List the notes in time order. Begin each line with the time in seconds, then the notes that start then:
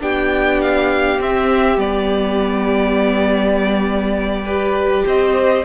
0.00 B3 D4 G4 G5
0.61 F5
1.19 C4 E5
1.77 G3 B3 D5
4.45 G4 B4
5.06 C4 C5 D#5